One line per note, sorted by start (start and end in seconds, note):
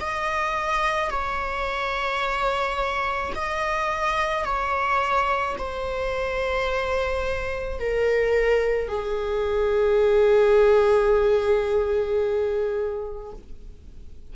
0.00 1.10 D#5
1.10 3.32 C#5
3.35 4.44 D#5
4.44 5.56 C#5
5.58 7.80 C5
7.80 8.88 A#4
8.88 13.32 G#4